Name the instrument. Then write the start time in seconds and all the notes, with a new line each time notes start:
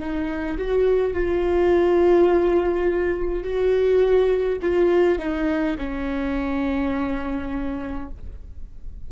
viola
0.00 D#4
0.58 F#4
1.14 F4
3.43 F#4
4.62 F4
5.19 D#4
5.77 C#4